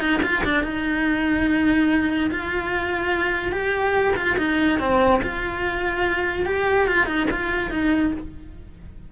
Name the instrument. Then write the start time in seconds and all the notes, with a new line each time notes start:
cello
0.00 D#4
0.23 F4
0.44 D4
0.64 D#4
2.31 F4
3.52 G4
4.16 F4
4.38 D#4
4.80 C4
5.23 F4
6.46 G4
6.87 F4
7.07 D#4
7.31 F4
7.71 D#4